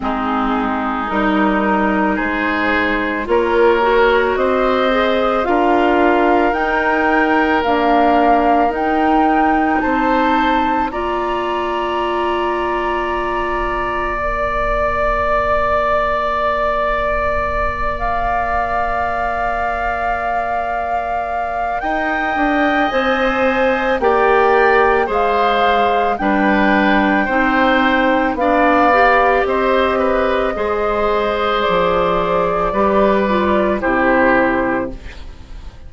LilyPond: <<
  \new Staff \with { instrumentName = "flute" } { \time 4/4 \tempo 4 = 55 gis'4 ais'4 c''4 cis''4 | dis''4 f''4 g''4 f''4 | g''4 a''4 ais''2~ | ais''4 d''2.~ |
d''8 f''2.~ f''8 | g''4 gis''4 g''4 f''4 | g''2 f''4 dis''4~ | dis''4 d''2 c''4 | }
  \new Staff \with { instrumentName = "oboe" } { \time 4/4 dis'2 gis'4 ais'4 | c''4 ais'2.~ | ais'4 c''4 d''2~ | d''1~ |
d''1 | dis''2 d''4 c''4 | b'4 c''4 d''4 c''8 b'8 | c''2 b'4 g'4 | }
  \new Staff \with { instrumentName = "clarinet" } { \time 4/4 c'4 dis'2 f'8 fis'8~ | fis'8 gis'8 f'4 dis'4 ais4 | dis'2 f'2~ | f'4 ais'2.~ |
ais'1~ | ais'4 c''4 g'4 gis'4 | d'4 dis'4 d'8 g'4. | gis'2 g'8 f'8 e'4 | }
  \new Staff \with { instrumentName = "bassoon" } { \time 4/4 gis4 g4 gis4 ais4 | c'4 d'4 dis'4 d'4 | dis'4 c'4 ais2~ | ais1~ |
ais1 | dis'8 d'8 c'4 ais4 gis4 | g4 c'4 b4 c'4 | gis4 f4 g4 c4 | }
>>